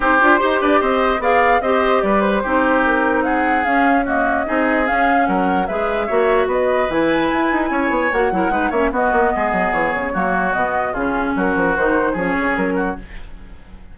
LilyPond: <<
  \new Staff \with { instrumentName = "flute" } { \time 4/4 \tempo 4 = 148 c''4. d''8 dis''4 f''4 | dis''4 d''8 c''4. ais'4 | fis''4 f''4 dis''2 | f''4 fis''4 e''2 |
dis''4 gis''2. | fis''4. e''8 dis''2 | cis''2 dis''4 gis'4 | ais'4 c''4 cis''4 ais'4 | }
  \new Staff \with { instrumentName = "oboe" } { \time 4/4 g'4 c''8 b'8 c''4 d''4 | c''4 b'4 g'2 | gis'2 fis'4 gis'4~ | gis'4 ais'4 b'4 cis''4 |
b'2. cis''4~ | cis''8 ais'8 b'8 cis''8 fis'4 gis'4~ | gis'4 fis'2 f'4 | fis'2 gis'4. fis'8 | }
  \new Staff \with { instrumentName = "clarinet" } { \time 4/4 dis'8 f'8 g'2 gis'4 | g'2 dis'2~ | dis'4 cis'4 ais4 dis'4 | cis'2 gis'4 fis'4~ |
fis'4 e'2. | fis'8 e'8 dis'8 cis'8 b2~ | b4 ais4 b4 cis'4~ | cis'4 dis'4 cis'2 | }
  \new Staff \with { instrumentName = "bassoon" } { \time 4/4 c'8 d'8 dis'8 d'8 c'4 b4 | c'4 g4 c'2~ | c'4 cis'2 c'4 | cis'4 fis4 gis4 ais4 |
b4 e4 e'8 dis'8 cis'8 b8 | ais8 fis8 gis8 ais8 b8 ais8 gis8 fis8 | e8 cis8 fis4 b,4 cis4 | fis8 f8 dis4 f8 cis8 fis4 | }
>>